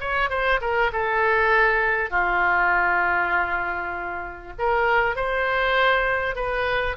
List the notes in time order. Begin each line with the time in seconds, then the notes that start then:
0.00 C#5
0.29 C5
0.61 A#4
0.92 A4
2.10 F4
4.58 A#4
5.15 C5
6.35 B4